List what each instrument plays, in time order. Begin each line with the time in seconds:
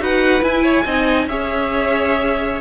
0.00 cello D#4, viola F#4, violin B4 F#5
0.42 viola E4, cello E4, violin G#5
0.64 violin C#5
0.85 cello C4, viola D#4, violin D#5
1.27 cello C#4, viola G#4, violin C#5 E5